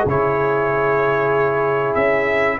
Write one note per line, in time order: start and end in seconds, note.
0.00 1.95 C#3
0.00 2.55 G#4
0.09 2.60 E4
0.09 1.94 C#5
1.94 2.59 C#4
1.94 2.58 E5